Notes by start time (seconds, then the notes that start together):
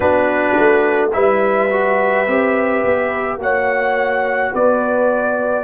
0.00 B3 D4 F#4 B4
0.58 A3
1.12 G3 E4 B4 E5
1.70 F#4
2.27 C4 G4
2.84 B3
3.37 A#3 F#4 C#5 F#5
4.52 B3 B4 D5